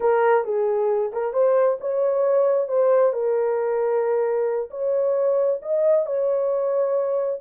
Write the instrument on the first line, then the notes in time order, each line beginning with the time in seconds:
horn
0.00 A#4
0.44 G#4
1.13 A#4
1.33 C5
1.80 C#5
2.68 C5
3.12 A#4
4.70 C#5
5.62 D#5
6.05 C#5